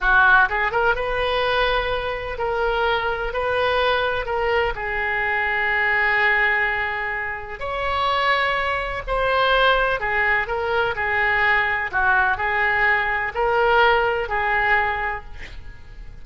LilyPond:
\new Staff \with { instrumentName = "oboe" } { \time 4/4 \tempo 4 = 126 fis'4 gis'8 ais'8 b'2~ | b'4 ais'2 b'4~ | b'4 ais'4 gis'2~ | gis'1 |
cis''2. c''4~ | c''4 gis'4 ais'4 gis'4~ | gis'4 fis'4 gis'2 | ais'2 gis'2 | }